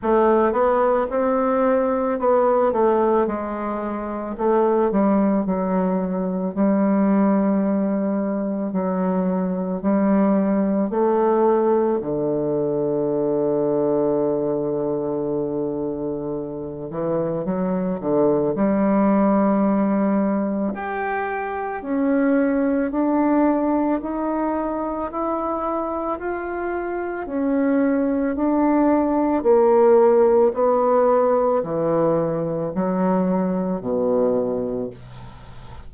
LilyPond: \new Staff \with { instrumentName = "bassoon" } { \time 4/4 \tempo 4 = 55 a8 b8 c'4 b8 a8 gis4 | a8 g8 fis4 g2 | fis4 g4 a4 d4~ | d2.~ d8 e8 |
fis8 d8 g2 g'4 | cis'4 d'4 dis'4 e'4 | f'4 cis'4 d'4 ais4 | b4 e4 fis4 b,4 | }